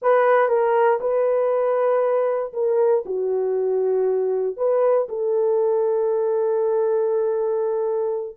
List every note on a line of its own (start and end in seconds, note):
0.01 0.48 B4
0.48 0.99 A#4
1.00 2.52 B4
2.53 3.03 A#4
3.05 4.56 F#4
4.56 5.07 B4
5.08 8.36 A4